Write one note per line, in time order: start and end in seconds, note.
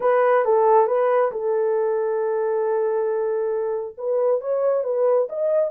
0.00 0.44 B4
0.44 0.87 A4
0.87 1.31 B4
1.31 3.96 A4
3.97 4.40 B4
4.40 4.83 C#5
4.83 5.27 B4
5.29 5.70 D#5